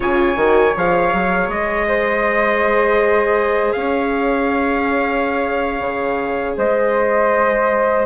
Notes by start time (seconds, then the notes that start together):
0.00 C#3 F4 C#5 G#5
0.36 D#3 F#4
0.75 F3 G#4 F5
1.13 F#3
1.48 G#3 D#5
1.87 C5
3.72 C#4 C#5 F5
5.79 C#3
6.57 G#3 C5 D#5